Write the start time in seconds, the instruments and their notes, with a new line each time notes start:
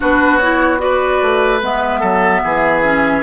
0.00 bassoon B3, clarinet D4, oboe F#4, flute B4
0.37 clarinet E4, flute C#5
0.78 clarinet F#4, oboe B4, flute D5
1.21 bassoon A3
1.61 bassoon G#3, clarinet B3, flute E5
1.99 bassoon F#3, oboe A4
2.43 bassoon E3, oboe G#4
2.83 clarinet C#4